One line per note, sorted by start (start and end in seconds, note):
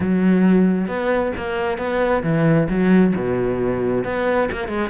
0.00 0.87 F#3
0.87 1.32 B3
1.36 1.78 A#3
1.78 2.23 B3
2.23 2.67 E3
2.69 3.14 F#3
3.15 4.04 B2
4.04 4.49 B3
4.51 4.68 A#3
4.68 4.89 G#3